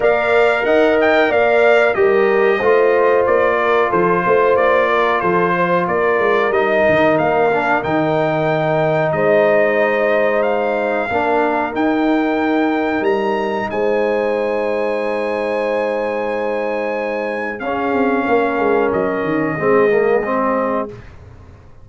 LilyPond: <<
  \new Staff \with { instrumentName = "trumpet" } { \time 4/4 \tempo 4 = 92 f''4 fis''8 g''8 f''4 dis''4~ | dis''4 d''4 c''4 d''4 | c''4 d''4 dis''4 f''4 | g''2 dis''2 |
f''2 g''2 | ais''4 gis''2.~ | gis''2. f''4~ | f''4 dis''2. | }
  \new Staff \with { instrumentName = "horn" } { \time 4/4 d''4 dis''4 d''4 ais'4 | c''4. ais'8 a'8 c''4 ais'8 | a'8 c''8 ais'2.~ | ais'2 c''2~ |
c''4 ais'2.~ | ais'4 c''2.~ | c''2. gis'4 | ais'2 gis'2 | }
  \new Staff \with { instrumentName = "trombone" } { \time 4/4 ais'2. g'4 | f'1~ | f'2 dis'4. d'8 | dis'1~ |
dis'4 d'4 dis'2~ | dis'1~ | dis'2. cis'4~ | cis'2 c'8 ais8 c'4 | }
  \new Staff \with { instrumentName = "tuba" } { \time 4/4 ais4 dis'4 ais4 g4 | a4 ais4 f8 a8 ais4 | f4 ais8 gis8 g8 dis8 ais4 | dis2 gis2~ |
gis4 ais4 dis'2 | g4 gis2.~ | gis2. cis'8 c'8 | ais8 gis8 fis8 dis8 gis2 | }
>>